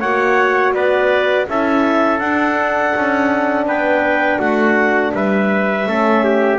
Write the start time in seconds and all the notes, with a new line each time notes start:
0.00 A#3 F#4 C#5 F#5
0.74 B3 B4 D5
1.48 C#4 E4 A4 E5
2.19 D4 F#5
2.96 C#4
3.66 B3 B4 G5
4.39 A3 F#4 F#5
5.14 G3 B4 E5
5.87 A3 C#4 A4
6.25 G4